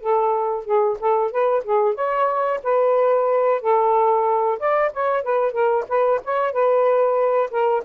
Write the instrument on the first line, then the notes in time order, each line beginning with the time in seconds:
saxophone
0.00 A4
0.65 G#4
0.99 A4
1.31 B4
1.64 G#4
1.95 C#5
2.63 B4
3.61 A4
4.59 D5
4.93 C#5
5.23 B4
5.52 A#4
5.88 B4
6.24 C#5
6.52 B4
7.51 A#4